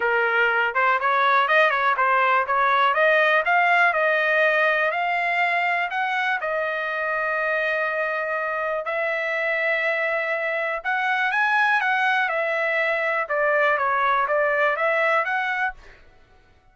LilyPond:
\new Staff \with { instrumentName = "trumpet" } { \time 4/4 \tempo 4 = 122 ais'4. c''8 cis''4 dis''8 cis''8 | c''4 cis''4 dis''4 f''4 | dis''2 f''2 | fis''4 dis''2.~ |
dis''2 e''2~ | e''2 fis''4 gis''4 | fis''4 e''2 d''4 | cis''4 d''4 e''4 fis''4 | }